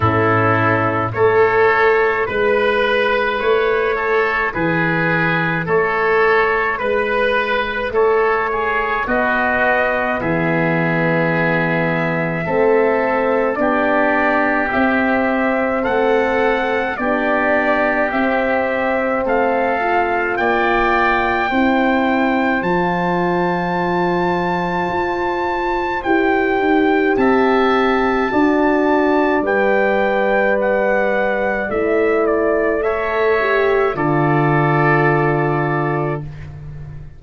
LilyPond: <<
  \new Staff \with { instrumentName = "trumpet" } { \time 4/4 \tempo 4 = 53 a'4 cis''4 b'4 cis''4 | b'4 cis''4 b'4 cis''4 | dis''4 e''2. | d''4 e''4 fis''4 d''4 |
e''4 f''4 g''2 | a''2. g''4 | a''2 g''4 fis''4 | e''8 d''8 e''4 d''2 | }
  \new Staff \with { instrumentName = "oboe" } { \time 4/4 e'4 a'4 b'4. a'8 | gis'4 a'4 b'4 a'8 gis'8 | fis'4 gis'2 a'4 | g'2 a'4 g'4~ |
g'4 a'4 d''4 c''4~ | c''1 | e''4 d''2.~ | d''4 cis''4 a'2 | }
  \new Staff \with { instrumentName = "horn" } { \time 4/4 cis'4 e'2.~ | e'1 | b2. c'4 | d'4 c'2 d'4 |
c'4. f'4. e'4 | f'2. g'4~ | g'4 fis'4 b'2 | e'4 a'8 g'8 f'2 | }
  \new Staff \with { instrumentName = "tuba" } { \time 4/4 a,4 a4 gis4 a4 | e4 a4 gis4 a4 | b4 e2 a4 | b4 c'4 a4 b4 |
c'4 a4 ais4 c'4 | f2 f'4 e'8 dis'8 | c'4 d'4 g2 | a2 d2 | }
>>